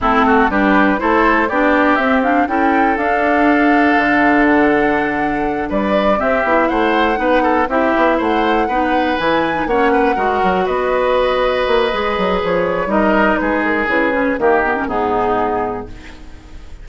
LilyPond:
<<
  \new Staff \with { instrumentName = "flute" } { \time 4/4 \tempo 4 = 121 a'4 b'4 c''4 d''4 | e''8 f''8 g''4 f''2~ | f''4 fis''2~ fis''8 d''8~ | d''8 e''4 fis''2 e''8~ |
e''8 fis''2 gis''4 fis''8~ | fis''4. dis''2~ dis''8~ | dis''4 cis''4 dis''4 b'8 ais'8 | b'4 ais'4 gis'2 | }
  \new Staff \with { instrumentName = "oboe" } { \time 4/4 e'8 fis'8 g'4 a'4 g'4~ | g'4 a'2.~ | a'2.~ a'8 b'8~ | b'8 g'4 c''4 b'8 a'8 g'8~ |
g'8 c''4 b'2 cis''8 | b'8 ais'4 b'2~ b'8~ | b'2 ais'4 gis'4~ | gis'4 g'4 dis'2 | }
  \new Staff \with { instrumentName = "clarinet" } { \time 4/4 c'4 d'4 e'4 d'4 | c'8 d'8 e'4 d'2~ | d'1~ | d'8 c'8 e'4. dis'4 e'8~ |
e'4. dis'4 e'8. dis'16 cis'8~ | cis'8 fis'2.~ fis'8 | gis'2 dis'2 | e'8 cis'8 ais8 b16 cis'16 b2 | }
  \new Staff \with { instrumentName = "bassoon" } { \time 4/4 a4 g4 a4 b4 | c'4 cis'4 d'2 | d2.~ d8 g8~ | g8 c'8 b8 a4 b4 c'8 |
b8 a4 b4 e4 ais8~ | ais8 gis8 fis8 b2 ais8 | gis8 fis8 f4 g4 gis4 | cis4 dis4 gis,2 | }
>>